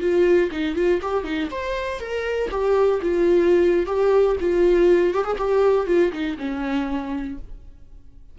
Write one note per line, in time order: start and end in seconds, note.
0.00 0.50 F4
0.51 0.75 D#4
0.75 1.00 F4
1.02 1.24 G4
1.24 1.49 D#4
1.51 2.00 C5
2.00 2.50 A#4
2.51 3.01 G4
3.02 3.86 F4
3.86 4.36 G4
4.40 5.14 F4
5.14 5.24 G4
5.24 5.37 G#4
5.38 5.87 G4
5.87 6.12 F4
6.12 6.37 D#4
6.38 7.38 C#4